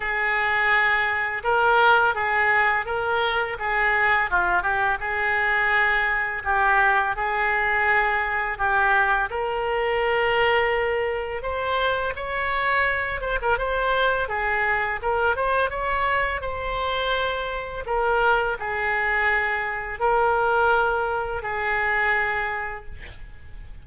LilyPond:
\new Staff \with { instrumentName = "oboe" } { \time 4/4 \tempo 4 = 84 gis'2 ais'4 gis'4 | ais'4 gis'4 f'8 g'8 gis'4~ | gis'4 g'4 gis'2 | g'4 ais'2. |
c''4 cis''4. c''16 ais'16 c''4 | gis'4 ais'8 c''8 cis''4 c''4~ | c''4 ais'4 gis'2 | ais'2 gis'2 | }